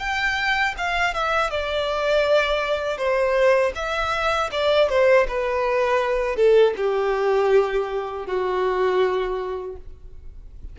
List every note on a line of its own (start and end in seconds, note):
0.00 0.75 G5
0.78 1.14 F5
1.14 1.51 E5
1.51 2.98 D5
2.98 3.73 C5
3.75 4.50 E5
4.52 4.89 D5
4.90 5.27 C5
5.28 6.36 B4
6.36 6.74 A4
6.77 8.27 G4
8.27 9.77 F#4